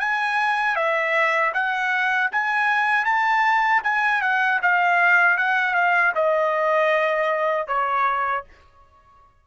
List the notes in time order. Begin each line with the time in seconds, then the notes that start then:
0.00 G#5
0.76 E5
1.54 F#5
2.32 G#5
3.05 A5
3.84 G#5
4.21 F#5
4.62 F5
5.37 F#5
5.74 F5
6.15 D#5
7.67 C#5